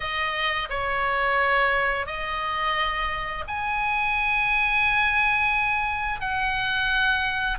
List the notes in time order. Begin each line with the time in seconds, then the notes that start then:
0.00 D#5
0.69 C#5
2.06 D#5
3.47 G#5
6.20 F#5